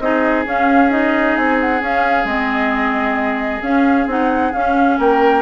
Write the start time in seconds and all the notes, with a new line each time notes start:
0.00 C4 D#4 G#4 D#5
0.46 C#4 F5
0.90 D#4 D#5
1.37 C4 G#5
1.61 F#5
1.82 C#4 F5
2.25 G#3 C4 D#5
3.62 C#4 F5
4.07 C4 D#4 F#5
4.53 C#4 F5
4.99 A#3 A#4 G5